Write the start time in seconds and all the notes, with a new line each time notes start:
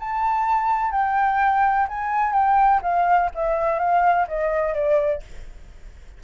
0.00 A5
0.92 G5
1.89 G#5
2.33 G5
2.83 F5
3.35 E5
3.79 F5
4.28 D#5
4.74 D5